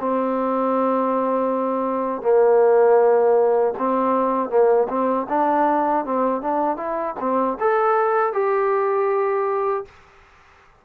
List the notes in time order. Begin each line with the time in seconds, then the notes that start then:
0.00 C4
2.22 A#3
3.79 C4
4.50 A#3
4.89 C4
5.30 D4
6.06 C4
6.42 D4
6.77 E4
7.20 C4
7.60 A4
8.33 G4